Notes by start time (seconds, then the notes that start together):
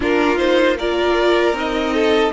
0.00 A#3 D4 F4 A#4
0.36 D#4 C5
0.78 F4 A#4 D5
1.52 C4 D#4 D#5
1.93 A4